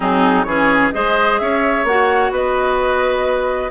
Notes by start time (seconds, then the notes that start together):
0.00 F#3 C4 D#4 G#4
0.43 E3 C#4 G#4 C#5
0.92 G#3 G#4 C5 D#5
1.38 C#4 C#5 E5
1.84 A#3 F#4 F#5
2.30 B3 B4 D#5